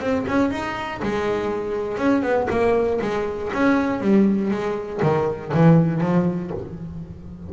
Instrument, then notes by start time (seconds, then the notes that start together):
double bass
0.00 C4
0.27 C#4
0.50 D#4
1.02 G#3
1.97 C#4
2.22 B3
2.50 A#3
3.01 G#3
3.53 C#4
4.00 G3
4.50 G#3
5.02 D#3
5.54 E3
6.00 F3